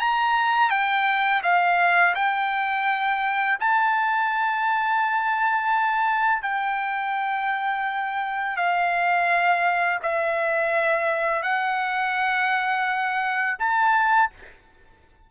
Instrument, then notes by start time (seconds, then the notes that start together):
trumpet
0.00 A#5
0.70 G5
1.44 F5
2.15 G5
3.60 A5
6.43 G5
8.57 F5
10.03 E5
11.43 F#5
13.59 A5